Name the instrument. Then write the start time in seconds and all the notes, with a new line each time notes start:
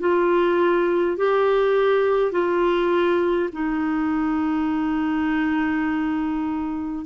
clarinet
0.00 F4
1.17 G4
2.32 F4
3.52 D#4